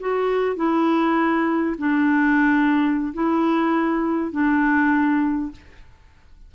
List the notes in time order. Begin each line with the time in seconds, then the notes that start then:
0.00 F#4
0.56 E4
1.78 D4
3.13 E4
4.31 D4